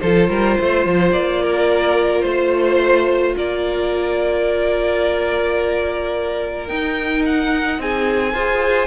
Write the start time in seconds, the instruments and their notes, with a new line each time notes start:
0.00 cello F3, viola F4, violin A4 C5
0.29 cello G3, violin A#4
0.60 cello A3, violin C5
0.86 cello F3
1.12 cello A#3, violin D5
1.43 violin A#4
2.21 cello A3, violin C5
3.37 cello A#3, violin A#4 D5
6.68 viola D#4, cello D#4, violin G5
7.26 violin F#5
7.79 cello C4, violin G#4 G#5
8.33 cello F4, viola G#4, violin C5